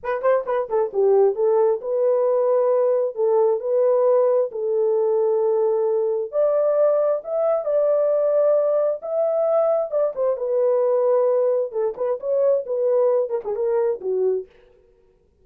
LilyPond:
\new Staff \with { instrumentName = "horn" } { \time 4/4 \tempo 4 = 133 b'8 c''8 b'8 a'8 g'4 a'4 | b'2. a'4 | b'2 a'2~ | a'2 d''2 |
e''4 d''2. | e''2 d''8 c''8 b'4~ | b'2 a'8 b'8 cis''4 | b'4. ais'16 gis'16 ais'4 fis'4 | }